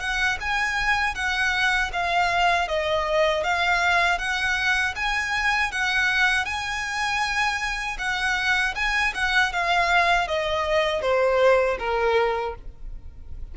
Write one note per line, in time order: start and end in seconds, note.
0.00 0.38 F#5
0.40 1.15 G#5
1.15 1.91 F#5
1.93 2.68 F5
2.68 3.43 D#5
3.43 4.19 F5
4.19 4.95 F#5
4.96 5.72 G#5
5.72 6.45 F#5
6.45 7.97 G#5
7.99 8.74 F#5
8.75 9.13 G#5
9.14 9.52 F#5
9.53 10.27 F5
10.27 11.02 D#5
11.02 11.78 C5
11.79 12.55 A#4